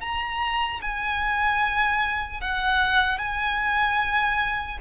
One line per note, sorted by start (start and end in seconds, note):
0.00 0.80 A#5
0.81 2.40 G#5
2.40 3.18 F#5
3.18 4.78 G#5